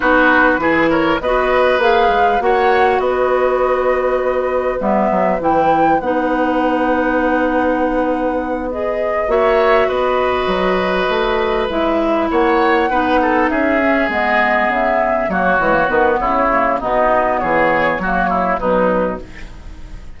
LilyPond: <<
  \new Staff \with { instrumentName = "flute" } { \time 4/4 \tempo 4 = 100 b'4. cis''8 dis''4 f''4 | fis''4 dis''2. | e''4 g''4 fis''2~ | fis''2~ fis''8 dis''4 e''8~ |
e''8 dis''2. e''8~ | e''8 fis''2 e''4 dis''8~ | dis''8 e''4 cis''4 b'8 cis''4 | dis''4 cis''2 b'4 | }
  \new Staff \with { instrumentName = "oboe" } { \time 4/4 fis'4 gis'8 ais'8 b'2 | cis''4 b'2.~ | b'1~ | b'2.~ b'8 cis''8~ |
cis''8 b'2.~ b'8~ | b'8 cis''4 b'8 a'8 gis'4.~ | gis'4. fis'4. e'4 | dis'4 gis'4 fis'8 e'8 dis'4 | }
  \new Staff \with { instrumentName = "clarinet" } { \time 4/4 dis'4 e'4 fis'4 gis'4 | fis'1 | b4 e'4 dis'2~ | dis'2~ dis'8 gis'4 fis'8~ |
fis'2.~ fis'8 e'8~ | e'4. dis'4. cis'8 b8~ | b4. ais8 gis16 ais16 b4 ais8 | b2 ais4 fis4 | }
  \new Staff \with { instrumentName = "bassoon" } { \time 4/4 b4 e4 b4 ais8 gis8 | ais4 b2. | g8 fis8 e4 b2~ | b2.~ b8 ais8~ |
ais8 b4 fis4 a4 gis8~ | gis8 ais4 b4 cis'4 gis8~ | gis8 cis4 fis8 e8 dis8 cis4 | b,4 e4 fis4 b,4 | }
>>